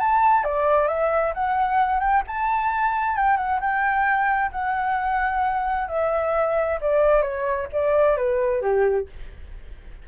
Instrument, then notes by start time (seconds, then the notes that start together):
flute
0.00 A5
0.44 D5
0.88 E5
1.35 F#5
2.01 G5
2.28 A5
3.17 G5
3.37 F#5
3.61 G5
4.52 F#5
5.89 E5
6.81 D5
7.22 C#5
7.73 D5
8.18 B4
8.62 G4